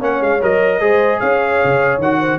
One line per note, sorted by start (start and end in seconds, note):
0.00 0.21 A#3
0.00 0.41 C#4
0.00 0.80 C#5
0.00 0.23 F#5
0.21 0.41 G#3
0.21 0.43 F5
0.42 0.81 F#3
0.42 0.81 A#4
0.42 1.20 D#5
0.81 1.21 G#3
0.81 2.01 G#4
0.81 1.20 C5
1.20 1.62 C#4
1.20 2.20 C#5
1.20 2.00 F5
1.65 1.98 C#3
1.98 2.38 D#3
1.98 2.40 F#4
1.98 2.40 F#5
2.20 2.40 C5